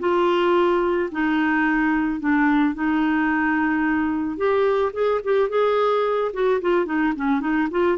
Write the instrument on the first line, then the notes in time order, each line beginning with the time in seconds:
clarinet
0.00 F4
1.12 D#4
2.20 D4
2.75 D#4
4.37 G4
4.94 G#4
5.24 G4
5.49 G#4
6.34 F#4
6.61 F4
6.86 D#4
7.16 C#4
7.41 D#4
7.71 F4